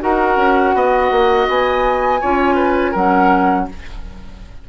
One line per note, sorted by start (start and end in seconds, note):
0.00 0.37 D#4
0.00 2.20 F#4
0.00 0.76 A#4
0.00 1.48 F#5
0.37 0.73 C#4
0.75 1.11 B3
0.75 2.21 D#5
1.11 1.48 A#3
1.48 2.21 B3
1.48 2.95 G#5
2.21 2.95 C#4
2.21 2.96 F4
2.21 2.55 C#5
2.55 2.91 B4
2.91 3.68 F#3
2.91 3.69 C#4
2.91 3.65 A#4
2.91 3.68 F#5